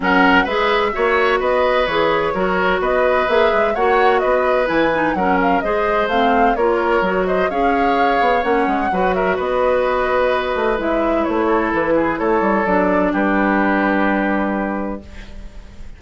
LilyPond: <<
  \new Staff \with { instrumentName = "flute" } { \time 4/4 \tempo 4 = 128 fis''4 e''2 dis''4 | cis''2 dis''4 e''4 | fis''4 dis''4 gis''4 fis''8 f''8 | dis''4 f''4 cis''4. dis''8 |
f''2 fis''4. e''8 | dis''2. e''4 | cis''4 b'4 cis''4 d''4 | b'1 | }
  \new Staff \with { instrumentName = "oboe" } { \time 4/4 ais'4 b'4 cis''4 b'4~ | b'4 ais'4 b'2 | cis''4 b'2 ais'4 | c''2 ais'4. c''8 |
cis''2. b'8 ais'8 | b'1~ | b'8 a'4 gis'8 a'2 | g'1 | }
  \new Staff \with { instrumentName = "clarinet" } { \time 4/4 cis'4 gis'4 fis'2 | gis'4 fis'2 gis'4 | fis'2 e'8 dis'8 cis'4 | gis'4 c'4 f'4 fis'4 |
gis'2 cis'4 fis'4~ | fis'2. e'4~ | e'2. d'4~ | d'1 | }
  \new Staff \with { instrumentName = "bassoon" } { \time 4/4 fis4 gis4 ais4 b4 | e4 fis4 b4 ais8 gis8 | ais4 b4 e4 fis4 | gis4 a4 ais4 fis4 |
cis'4. b8 ais8 gis8 fis4 | b2~ b8 a8 gis4 | a4 e4 a8 g8 fis4 | g1 | }
>>